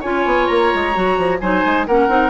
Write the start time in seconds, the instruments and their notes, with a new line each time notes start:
0.00 bassoon C#4, clarinet F4, oboe C#5, flute G#5
0.25 bassoon B3
0.47 bassoon A#3, flute A#5
0.74 bassoon G#3
0.93 bassoon F#3, clarinet F#4
1.17 bassoon F3
1.40 bassoon F#3, clarinet D#4, oboe C5, flute G#5
1.65 bassoon G#3
1.86 bassoon A#3, clarinet C#4, oboe A#4, flute F#5
2.08 bassoon C4, clarinet D#4